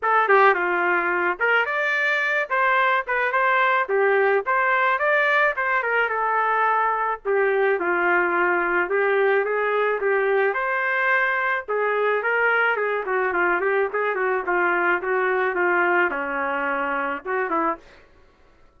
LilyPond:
\new Staff \with { instrumentName = "trumpet" } { \time 4/4 \tempo 4 = 108 a'8 g'8 f'4. ais'8 d''4~ | d''8 c''4 b'8 c''4 g'4 | c''4 d''4 c''8 ais'8 a'4~ | a'4 g'4 f'2 |
g'4 gis'4 g'4 c''4~ | c''4 gis'4 ais'4 gis'8 fis'8 | f'8 g'8 gis'8 fis'8 f'4 fis'4 | f'4 cis'2 fis'8 e'8 | }